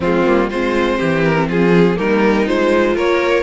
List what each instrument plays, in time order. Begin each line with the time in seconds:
0.00 cello F3, viola G#3, violin C4 F4
0.26 cello G3, viola A#3
0.50 cello G#3, viola C4, violin F4 C5
0.97 cello E3, violin G4
1.23 violin A#4
1.48 cello F3, violin F4 G#4
1.95 cello G3, viola A#3, violin D#4 A#4
2.47 cello G#3, viola F4, violin C5
2.95 cello A#3, violin A#4 C#5